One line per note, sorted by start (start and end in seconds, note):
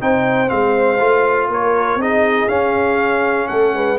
0.00 0.51 C4
0.00 0.47 D#4
0.00 1.50 C5
0.00 0.49 G5
0.47 1.00 G#3
0.47 0.97 C4
0.47 1.49 F5
0.99 1.48 A3
0.99 1.99 F4
1.48 1.95 A#3
1.48 2.00 A#4
1.48 2.01 C#5
1.95 2.45 C4
1.95 2.48 D#4
1.95 3.48 G#4
1.95 2.48 D#5
2.48 3.48 C#4
2.48 3.98 C#4
2.48 3.48 F5
3.48 3.73 A3
3.48 3.73 A4
3.48 3.98 F#5
3.73 3.98 G#3
3.73 3.98 B4